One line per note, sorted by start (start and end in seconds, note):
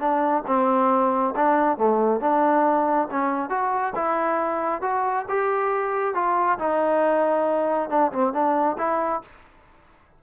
0.00 0.44 D4
0.47 1.35 C4
1.36 1.78 D4
1.78 2.21 A3
2.21 3.08 D4
3.11 3.50 C#4
3.50 3.94 F#4
3.96 4.82 E4
4.82 5.26 F#4
5.29 6.15 G4
6.15 6.59 F4
6.59 7.90 D#4
7.90 8.12 D4
8.12 8.34 C4
8.34 8.78 D4
8.78 9.22 E4